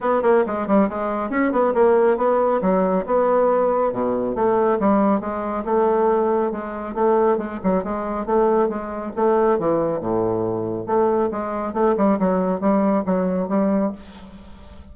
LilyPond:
\new Staff \with { instrumentName = "bassoon" } { \time 4/4 \tempo 4 = 138 b8 ais8 gis8 g8 gis4 cis'8 b8 | ais4 b4 fis4 b4~ | b4 b,4 a4 g4 | gis4 a2 gis4 |
a4 gis8 fis8 gis4 a4 | gis4 a4 e4 a,4~ | a,4 a4 gis4 a8 g8 | fis4 g4 fis4 g4 | }